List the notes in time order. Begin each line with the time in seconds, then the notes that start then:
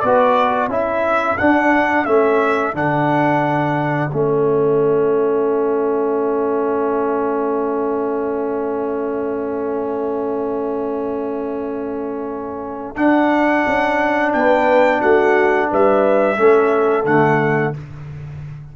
0.00 B3 F#4 B4 D5
0.68 C#4 E4 A4 E5
1.38 D4 F#5
2.05 A3 C#4 E5
2.74 D3 D4 F#5
4.12 A3 C#4 E5
12.95 D4 F#5
13.67 C#4
14.33 B3 B4 G5
15.01 A3 F#4 F#5
15.71 G3 B4 E5
16.37 A3 C#4 A4
17.05 D3 A3 F#5